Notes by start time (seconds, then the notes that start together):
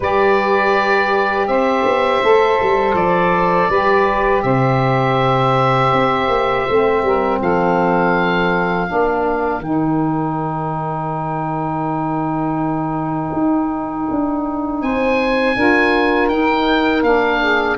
0.00 G3 G4 B4 D5
1.47 C4 C5 E5
1.84 B3
2.22 A3 A4
2.61 G3
2.93 F3 D5
3.69 G3 G4 B4
4.42 C3 C5 E5
5.92 C4
6.28 A#3
6.69 A3 C4
7.02 G3 A#4
7.41 F3 A4 F5
8.87 A#3 D4 A#4
9.59 D#3 D#4 G5
13.33 D#4
14.10 D4
14.81 C4 C5 G#5
15.56 D4 F4 A#4
16.28 D#4 G5
17.02 A#3 D4 F5
17.41 G#4